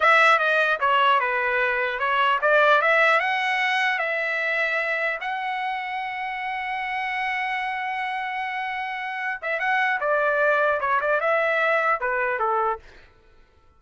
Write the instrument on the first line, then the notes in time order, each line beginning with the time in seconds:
trumpet
0.00 E5
0.39 D#5
0.80 C#5
1.20 B4
1.99 C#5
2.41 D5
2.81 E5
3.19 F#5
3.98 E5
5.20 F#5
9.41 E5
9.59 F#5
10.00 D5
10.80 C#5
11.00 D5
11.20 E5
12.00 B4
12.39 A4